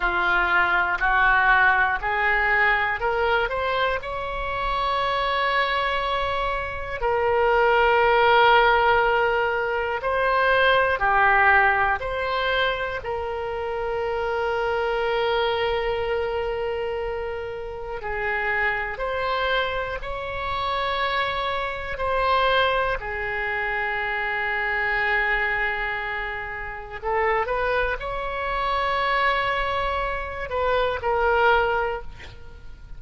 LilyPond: \new Staff \with { instrumentName = "oboe" } { \time 4/4 \tempo 4 = 60 f'4 fis'4 gis'4 ais'8 c''8 | cis''2. ais'4~ | ais'2 c''4 g'4 | c''4 ais'2.~ |
ais'2 gis'4 c''4 | cis''2 c''4 gis'4~ | gis'2. a'8 b'8 | cis''2~ cis''8 b'8 ais'4 | }